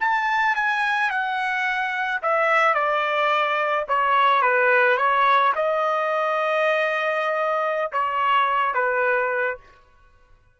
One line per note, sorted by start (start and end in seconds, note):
0.00 0.55 A5
0.55 1.10 G#5
1.10 2.21 F#5
2.22 2.74 E5
2.74 3.85 D5
3.88 4.42 C#5
4.42 4.97 B4
4.97 5.53 C#5
5.55 7.91 D#5
7.92 8.74 C#5
8.74 9.57 B4